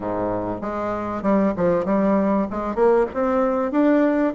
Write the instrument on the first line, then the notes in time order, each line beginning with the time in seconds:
bassoon
0.00 G#2
0.61 G#3
1.22 G3
1.56 F3
1.85 G3
2.50 G#3
2.75 A#3
3.14 C4
3.71 D4